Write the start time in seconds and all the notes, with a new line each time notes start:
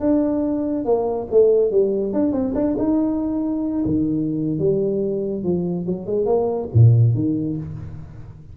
0.00 D4
0.85 A#3
1.31 A3
1.71 G3
2.13 D4
2.33 C4
2.55 D4
2.78 D#4
3.85 D#3
4.59 G3
5.44 F3
5.86 F#3
6.07 G#3
6.26 A#3
6.74 A#2
7.15 D#3